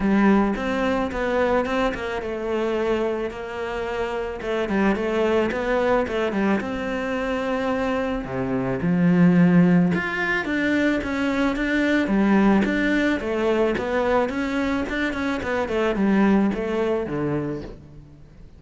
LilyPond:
\new Staff \with { instrumentName = "cello" } { \time 4/4 \tempo 4 = 109 g4 c'4 b4 c'8 ais8 | a2 ais2 | a8 g8 a4 b4 a8 g8 | c'2. c4 |
f2 f'4 d'4 | cis'4 d'4 g4 d'4 | a4 b4 cis'4 d'8 cis'8 | b8 a8 g4 a4 d4 | }